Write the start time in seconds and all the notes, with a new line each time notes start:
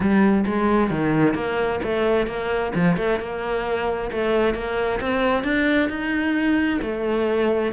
0.00 G3
0.46 G#3
0.90 D#3
1.34 A#3
1.83 A3
2.26 A#3
2.74 F3
2.96 A3
3.19 A#3
4.11 A3
4.54 A#3
5.00 C4
5.43 D4
5.89 D#4
6.81 A3